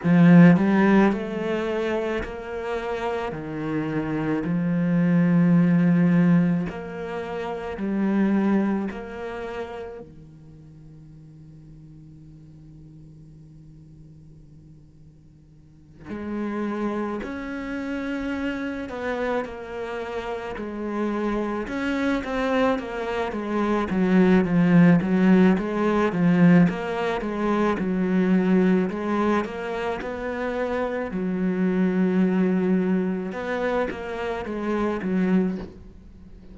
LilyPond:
\new Staff \with { instrumentName = "cello" } { \time 4/4 \tempo 4 = 54 f8 g8 a4 ais4 dis4 | f2 ais4 g4 | ais4 dis2.~ | dis2~ dis8 gis4 cis'8~ |
cis'4 b8 ais4 gis4 cis'8 | c'8 ais8 gis8 fis8 f8 fis8 gis8 f8 | ais8 gis8 fis4 gis8 ais8 b4 | fis2 b8 ais8 gis8 fis8 | }